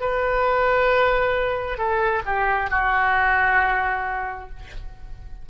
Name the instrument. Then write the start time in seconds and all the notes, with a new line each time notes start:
oboe
0.00 B4
1.77 A4
2.25 G4
2.70 F#4